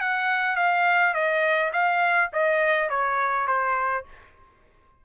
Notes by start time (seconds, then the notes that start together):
0.00 F#5
0.56 F5
1.14 D#5
1.72 F5
2.32 D#5
2.89 C#5
3.47 C5